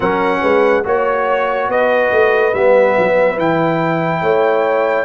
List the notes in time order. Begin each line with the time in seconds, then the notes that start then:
0.00 F#3 C#4 A#4 F#5
0.41 G#3 B4
0.84 A#3 F#4 C#5
1.68 B3 B4 D#5
2.11 A3
2.54 G3 B3 E5
2.98 F#3
3.37 E3 E4 G5
4.21 A3 C#5